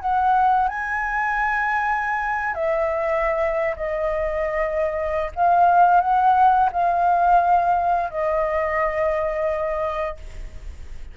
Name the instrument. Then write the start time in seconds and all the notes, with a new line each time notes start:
flute
0.00 F#5
0.68 G#5
2.54 E5
3.76 D#5
5.35 F5
6.00 F#5
6.72 F5
8.10 D#5